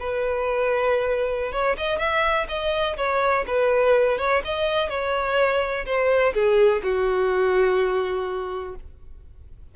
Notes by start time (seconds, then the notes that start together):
0.00 B4
1.53 C#5
1.78 D#5
1.99 E5
2.49 D#5
2.97 C#5
3.47 B4
4.19 C#5
4.45 D#5
4.89 C#5
5.86 C5
6.34 G#4
6.83 F#4